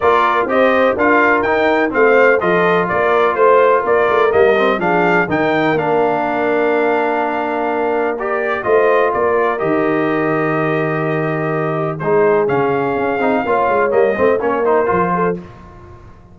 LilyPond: <<
  \new Staff \with { instrumentName = "trumpet" } { \time 4/4 \tempo 4 = 125 d''4 dis''4 f''4 g''4 | f''4 dis''4 d''4 c''4 | d''4 dis''4 f''4 g''4 | f''1~ |
f''4 d''4 dis''4 d''4 | dis''1~ | dis''4 c''4 f''2~ | f''4 dis''4 cis''8 c''4. | }
  \new Staff \with { instrumentName = "horn" } { \time 4/4 ais'4 c''4 ais'2 | c''4 a'4 ais'4 c''4 | ais'2 gis'4 ais'4~ | ais'1~ |
ais'2 c''4 ais'4~ | ais'1~ | ais'4 gis'2. | cis''4. c''8 ais'4. a'8 | }
  \new Staff \with { instrumentName = "trombone" } { \time 4/4 f'4 g'4 f'4 dis'4 | c'4 f'2.~ | f'4 ais8 c'8 d'4 dis'4 | d'1~ |
d'4 g'4 f'2 | g'1~ | g'4 dis'4 cis'4. dis'8 | f'4 ais8 c'8 cis'8 dis'8 f'4 | }
  \new Staff \with { instrumentName = "tuba" } { \time 4/4 ais4 c'4 d'4 dis'4 | a4 f4 ais4 a4 | ais8 a8 g4 f4 dis4 | ais1~ |
ais2 a4 ais4 | dis1~ | dis4 gis4 cis4 cis'8 c'8 | ais8 gis8 g8 a8 ais4 f4 | }
>>